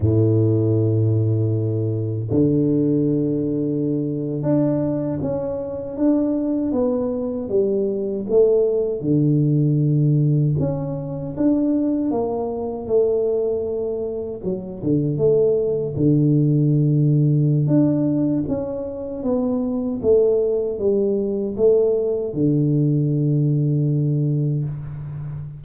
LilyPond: \new Staff \with { instrumentName = "tuba" } { \time 4/4 \tempo 4 = 78 a,2. d4~ | d4.~ d16 d'4 cis'4 d'16~ | d'8. b4 g4 a4 d16~ | d4.~ d16 cis'4 d'4 ais16~ |
ais8. a2 fis8 d8 a16~ | a8. d2~ d16 d'4 | cis'4 b4 a4 g4 | a4 d2. | }